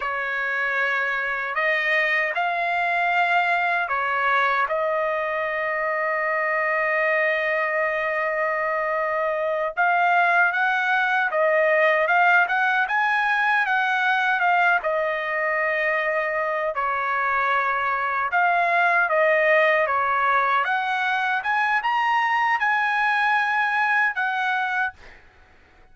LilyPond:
\new Staff \with { instrumentName = "trumpet" } { \time 4/4 \tempo 4 = 77 cis''2 dis''4 f''4~ | f''4 cis''4 dis''2~ | dis''1~ | dis''8 f''4 fis''4 dis''4 f''8 |
fis''8 gis''4 fis''4 f''8 dis''4~ | dis''4. cis''2 f''8~ | f''8 dis''4 cis''4 fis''4 gis''8 | ais''4 gis''2 fis''4 | }